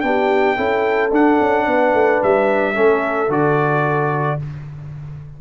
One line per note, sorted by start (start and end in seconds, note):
0.00 0.57 B3
0.00 0.56 D4
0.00 0.56 G4
0.00 1.09 G5
0.56 1.11 C#4
0.56 1.11 E4
0.56 1.65 A4
1.11 1.38 D4
1.11 2.74 D4
1.11 2.22 F#5
1.40 1.66 C#4
1.66 1.93 B3
1.66 2.74 B4
1.93 2.20 A3
2.22 2.77 G3
2.22 3.31 E5
2.74 3.28 A3
2.74 3.28 C#4
2.74 4.37 A4
3.28 4.37 D3
3.28 4.39 F#4
3.28 4.40 D5